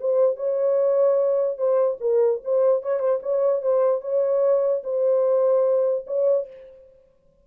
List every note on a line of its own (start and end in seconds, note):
0.00 0.36 C5
0.36 1.57 C#5
1.57 1.98 C5
2.00 2.41 A#4
2.44 2.82 C5
2.82 2.99 C#5
2.99 3.20 C5
3.22 3.62 C#5
3.62 4.01 C5
4.01 4.82 C#5
4.84 6.05 C5
6.07 6.47 C#5